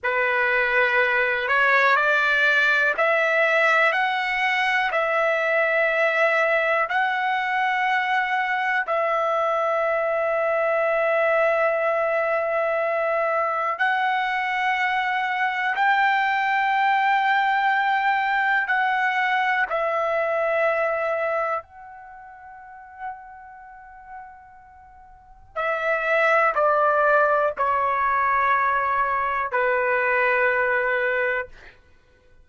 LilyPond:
\new Staff \with { instrumentName = "trumpet" } { \time 4/4 \tempo 4 = 61 b'4. cis''8 d''4 e''4 | fis''4 e''2 fis''4~ | fis''4 e''2.~ | e''2 fis''2 |
g''2. fis''4 | e''2 fis''2~ | fis''2 e''4 d''4 | cis''2 b'2 | }